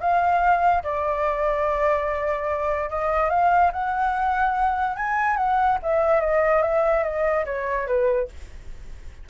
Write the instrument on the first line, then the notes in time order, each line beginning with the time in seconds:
flute
0.00 F5
0.83 D5
2.89 D#5
3.30 F5
3.72 F#5
4.96 G#5
5.36 F#5
5.82 E5
6.20 D#5
6.62 E5
7.03 D#5
7.45 C#5
7.87 B4